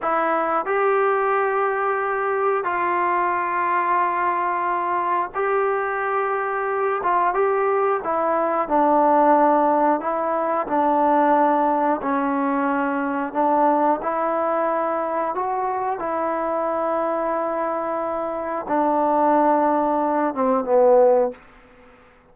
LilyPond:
\new Staff \with { instrumentName = "trombone" } { \time 4/4 \tempo 4 = 90 e'4 g'2. | f'1 | g'2~ g'8 f'8 g'4 | e'4 d'2 e'4 |
d'2 cis'2 | d'4 e'2 fis'4 | e'1 | d'2~ d'8 c'8 b4 | }